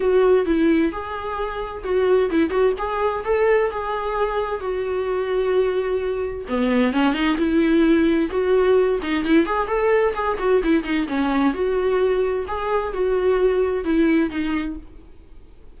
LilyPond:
\new Staff \with { instrumentName = "viola" } { \time 4/4 \tempo 4 = 130 fis'4 e'4 gis'2 | fis'4 e'8 fis'8 gis'4 a'4 | gis'2 fis'2~ | fis'2 b4 cis'8 dis'8 |
e'2 fis'4. dis'8 | e'8 gis'8 a'4 gis'8 fis'8 e'8 dis'8 | cis'4 fis'2 gis'4 | fis'2 e'4 dis'4 | }